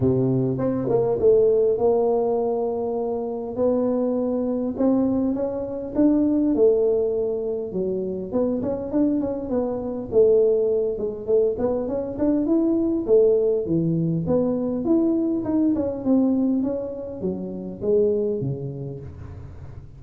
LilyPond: \new Staff \with { instrumentName = "tuba" } { \time 4/4 \tempo 4 = 101 c4 c'8 ais8 a4 ais4~ | ais2 b2 | c'4 cis'4 d'4 a4~ | a4 fis4 b8 cis'8 d'8 cis'8 |
b4 a4. gis8 a8 b8 | cis'8 d'8 e'4 a4 e4 | b4 e'4 dis'8 cis'8 c'4 | cis'4 fis4 gis4 cis4 | }